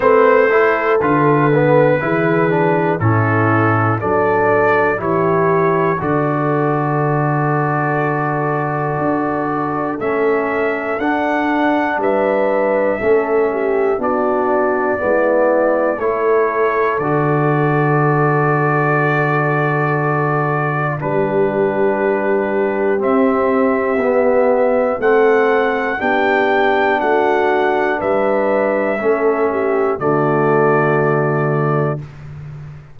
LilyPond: <<
  \new Staff \with { instrumentName = "trumpet" } { \time 4/4 \tempo 4 = 60 c''4 b'2 a'4 | d''4 cis''4 d''2~ | d''2 e''4 fis''4 | e''2 d''2 |
cis''4 d''2.~ | d''4 b'2 e''4~ | e''4 fis''4 g''4 fis''4 | e''2 d''2 | }
  \new Staff \with { instrumentName = "horn" } { \time 4/4 b'8 a'4. gis'4 e'4 | a'4 g'4 a'2~ | a'1 | b'4 a'8 g'8 fis'4 e'4 |
a'1~ | a'4 g'2.~ | g'4 a'4 g'4 fis'4 | b'4 a'8 g'8 fis'2 | }
  \new Staff \with { instrumentName = "trombone" } { \time 4/4 c'8 e'8 f'8 b8 e'8 d'8 cis'4 | d'4 e'4 fis'2~ | fis'2 cis'4 d'4~ | d'4 cis'4 d'4 b4 |
e'4 fis'2.~ | fis'4 d'2 c'4 | b4 c'4 d'2~ | d'4 cis'4 a2 | }
  \new Staff \with { instrumentName = "tuba" } { \time 4/4 a4 d4 e4 a,4 | fis4 e4 d2~ | d4 d'4 a4 d'4 | g4 a4 b4 gis4 |
a4 d2.~ | d4 g2 c'4 | b4 a4 b4 a4 | g4 a4 d2 | }
>>